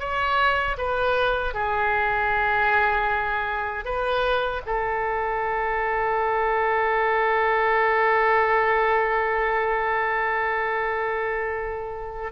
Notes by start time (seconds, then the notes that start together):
0.00 C#5
0.78 B4
1.54 G#4
3.85 B4
4.66 A4